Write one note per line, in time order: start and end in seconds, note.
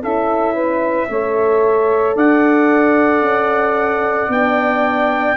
0.00 1.09 C#4
0.00 1.09 E4
0.00 0.53 A4
0.00 2.17 E5
0.53 1.07 B4
1.09 2.15 A3
1.09 4.30 A4
1.09 2.15 C#5
2.15 3.21 D4
2.15 5.36 D5
2.15 4.31 F#5
3.21 4.28 C#4
4.28 5.35 B3
4.28 5.36 D4
4.28 5.36 G5